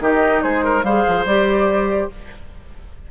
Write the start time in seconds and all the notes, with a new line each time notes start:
0.00 D#3 D#4 G4 D#5
0.42 G#3 G#4 C5
0.64 A#4
0.83 G3 G#4 C5 F5
1.07 F3
1.25 G3 G4 D5